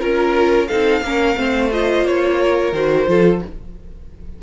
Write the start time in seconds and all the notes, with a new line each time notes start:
0.00 C#4 F4 A#4
0.68 C4 D#4 A4 F5
1.02 A#3 C#4 A#4
1.37 A3 C4 C5
1.72 F4 D#5
2.05 A#3 C#5
2.41 A#4
2.73 D#3 F#4 C5
3.08 F3 F4 A4